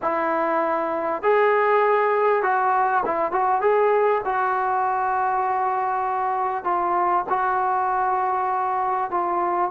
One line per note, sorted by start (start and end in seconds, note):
0.02 1.22 E4
1.22 2.42 G#4
2.42 3.03 F#4
3.05 3.31 E4
3.31 3.61 F#4
3.61 4.21 G#4
4.25 6.64 F#4
6.64 7.24 F4
7.29 9.10 F#4
9.10 9.70 F4